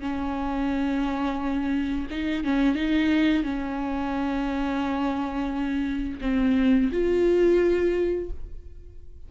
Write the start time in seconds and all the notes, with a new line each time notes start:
0.00 C#4
2.11 D#4
2.44 C#4
2.75 D#4
3.43 C#4
6.21 C4
6.92 F4